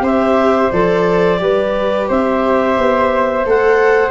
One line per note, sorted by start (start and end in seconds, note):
0.00 0.68 C4
0.00 0.71 G4
0.00 1.39 C5
0.00 0.71 E5
0.71 1.40 F3
0.71 1.37 A4
0.71 2.08 D5
1.37 2.09 G3
1.37 3.41 G4
1.37 2.08 B4
2.08 2.77 C4
2.08 4.10 C5
2.08 3.47 E5
2.78 3.45 B3
3.45 4.10 A3
3.45 4.10 A4
3.45 4.10 F#5